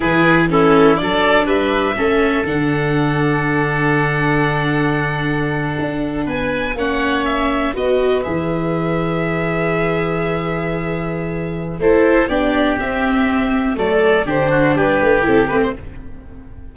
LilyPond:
<<
  \new Staff \with { instrumentName = "violin" } { \time 4/4 \tempo 4 = 122 b'4 a'4 d''4 e''4~ | e''4 fis''2.~ | fis''1~ | fis''8. gis''4 fis''4 e''4 dis''16~ |
dis''8. e''2.~ e''16~ | e''1 | c''4 d''4 e''2 | d''4 c''4 b'4 a'8 b'16 c''16 | }
  \new Staff \with { instrumentName = "oboe" } { \time 4/4 gis'4 e'4 a'4 b'4 | a'1~ | a'1~ | a'8. b'4 cis''2 b'16~ |
b'1~ | b'1 | a'4 g'2. | a'4 g'8 fis'8 g'2 | }
  \new Staff \with { instrumentName = "viola" } { \time 4/4 e'4 cis'4 d'2 | cis'4 d'2.~ | d'1~ | d'4.~ d'16 cis'2 fis'16~ |
fis'8. gis'2.~ gis'16~ | gis'1 | e'4 d'4 c'2 | a4 d'2 e'8 c'8 | }
  \new Staff \with { instrumentName = "tuba" } { \time 4/4 e2 fis4 g4 | a4 d2.~ | d2.~ d8. d'16~ | d'8. b4 ais2 b16~ |
b8. e2.~ e16~ | e1 | a4 b4 c'2 | fis4 d4 g8 a8 c'8 a8 | }
>>